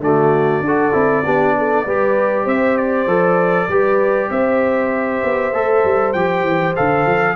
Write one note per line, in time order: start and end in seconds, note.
0.00 0.61 D3
0.00 0.64 A3
0.00 0.65 F#4
0.00 2.48 D5
0.61 0.91 D4
0.61 1.25 A4
0.67 0.92 F#4
0.92 1.25 C4
0.92 1.23 E4
1.25 1.86 B3
1.25 1.87 D4
1.25 1.55 G4
1.58 1.85 A4
1.85 2.46 G3
1.85 3.08 G4
1.85 2.45 B4
2.45 3.07 C4
2.45 3.67 C5
2.45 2.77 E5
2.77 4.30 D5
3.07 3.68 F3
3.07 3.69 A4
3.68 4.30 G3
3.68 5.53 G4
3.68 4.30 B4
4.30 5.22 C4
4.30 7.36 C5
4.30 6.13 E5
5.24 5.53 B3
5.53 5.84 A3
5.53 6.15 A4
5.84 6.15 G3
6.13 6.43 F3
6.13 6.76 G4
6.13 6.74 G5
6.43 6.74 E3
6.76 7.06 D3
6.76 7.36 A4
6.76 7.36 F5
7.06 7.36 F3